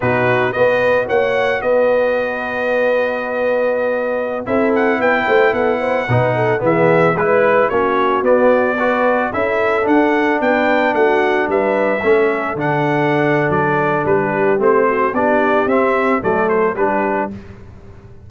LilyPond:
<<
  \new Staff \with { instrumentName = "trumpet" } { \time 4/4 \tempo 4 = 111 b'4 dis''4 fis''4 dis''4~ | dis''1~ | dis''16 e''8 fis''8 g''4 fis''4.~ fis''16~ | fis''16 e''4 b'4 cis''4 d''8.~ |
d''4~ d''16 e''4 fis''4 g''8.~ | g''16 fis''4 e''2 fis''8.~ | fis''4 d''4 b'4 c''4 | d''4 e''4 d''8 c''8 b'4 | }
  \new Staff \with { instrumentName = "horn" } { \time 4/4 fis'4 b'4 cis''4 b'4~ | b'1~ | b'16 a'4 b'8 c''8 a'8 c''8 b'8 a'16~ | a'16 gis'4 b'4 fis'4.~ fis'16~ |
fis'16 b'4 a'2 b'8.~ | b'16 fis'4 b'4 a'4.~ a'16~ | a'2~ a'16 g'4~ g'16 fis'8 | g'2 a'4 g'4 | }
  \new Staff \with { instrumentName = "trombone" } { \time 4/4 dis'4 fis'2.~ | fis'1~ | fis'16 e'2. dis'8.~ | dis'16 b4 e'4 cis'4 b8.~ |
b16 fis'4 e'4 d'4.~ d'16~ | d'2~ d'16 cis'4 d'8.~ | d'2. c'4 | d'4 c'4 a4 d'4 | }
  \new Staff \with { instrumentName = "tuba" } { \time 4/4 b,4 b4 ais4 b4~ | b1~ | b16 c'4 b8 a8 b4 b,8.~ | b,16 e4 gis4 ais4 b8.~ |
b4~ b16 cis'4 d'4 b8.~ | b16 a4 g4 a4 d8.~ | d4 fis4 g4 a4 | b4 c'4 fis4 g4 | }
>>